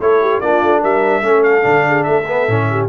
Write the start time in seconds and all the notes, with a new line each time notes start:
0.00 A3 E4 A4 C#5
0.22 G4
0.41 A#3 D4 F4 D5
0.62 A3
0.82 G3 A#4 E5
1.22 A3 C#4 A4
1.44 F5
1.62 D3 D4
1.88 G#4
2.04 A3 A4 E5
2.28 B3
2.48 A2 C#4
2.70 G4